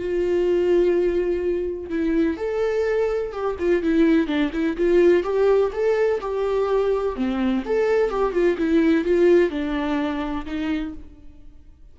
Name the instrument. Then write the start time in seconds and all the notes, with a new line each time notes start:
viola
0.00 F4
1.90 E4
2.38 A4
3.32 G4
3.60 F4
3.83 E4
4.28 D4
4.53 E4
4.77 F4
5.24 G4
5.73 A4
6.21 G4
7.16 C4
7.66 A4
8.10 G4
8.33 F4
8.58 E4
9.05 F4
9.50 D4
10.46 D#4